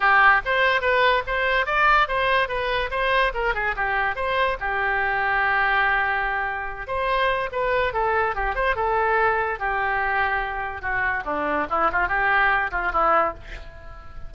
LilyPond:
\new Staff \with { instrumentName = "oboe" } { \time 4/4 \tempo 4 = 144 g'4 c''4 b'4 c''4 | d''4 c''4 b'4 c''4 | ais'8 gis'8 g'4 c''4 g'4~ | g'1~ |
g'8 c''4. b'4 a'4 | g'8 c''8 a'2 g'4~ | g'2 fis'4 d'4 | e'8 f'8 g'4. f'8 e'4 | }